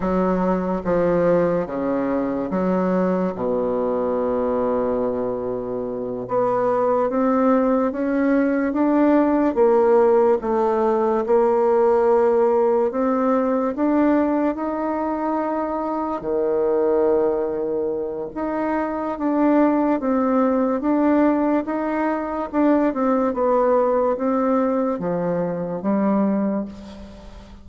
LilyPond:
\new Staff \with { instrumentName = "bassoon" } { \time 4/4 \tempo 4 = 72 fis4 f4 cis4 fis4 | b,2.~ b,8 b8~ | b8 c'4 cis'4 d'4 ais8~ | ais8 a4 ais2 c'8~ |
c'8 d'4 dis'2 dis8~ | dis2 dis'4 d'4 | c'4 d'4 dis'4 d'8 c'8 | b4 c'4 f4 g4 | }